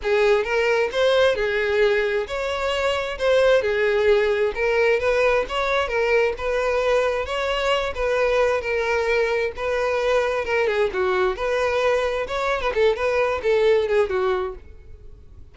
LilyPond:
\new Staff \with { instrumentName = "violin" } { \time 4/4 \tempo 4 = 132 gis'4 ais'4 c''4 gis'4~ | gis'4 cis''2 c''4 | gis'2 ais'4 b'4 | cis''4 ais'4 b'2 |
cis''4. b'4. ais'4~ | ais'4 b'2 ais'8 gis'8 | fis'4 b'2 cis''8. b'16 | a'8 b'4 a'4 gis'8 fis'4 | }